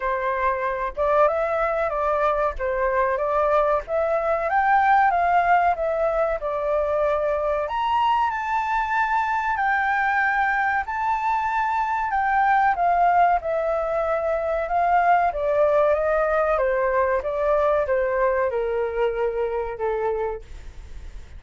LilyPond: \new Staff \with { instrumentName = "flute" } { \time 4/4 \tempo 4 = 94 c''4. d''8 e''4 d''4 | c''4 d''4 e''4 g''4 | f''4 e''4 d''2 | ais''4 a''2 g''4~ |
g''4 a''2 g''4 | f''4 e''2 f''4 | d''4 dis''4 c''4 d''4 | c''4 ais'2 a'4 | }